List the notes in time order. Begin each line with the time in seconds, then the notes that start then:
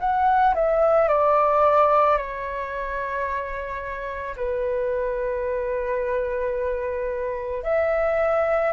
0.00 F#5
0.55 E5
1.09 D5
2.18 C#5
4.37 B4
7.64 E5